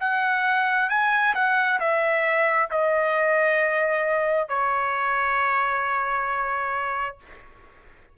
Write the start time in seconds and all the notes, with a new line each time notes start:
0.00 F#5
0.89 G#5
1.34 F#5
1.80 E5
2.70 D#5
4.48 C#5